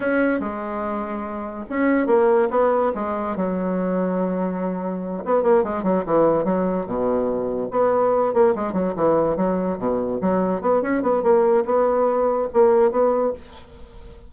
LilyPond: \new Staff \with { instrumentName = "bassoon" } { \time 4/4 \tempo 4 = 144 cis'4 gis2. | cis'4 ais4 b4 gis4 | fis1~ | fis8 b8 ais8 gis8 fis8 e4 fis8~ |
fis8 b,2 b4. | ais8 gis8 fis8 e4 fis4 b,8~ | b,8 fis4 b8 cis'8 b8 ais4 | b2 ais4 b4 | }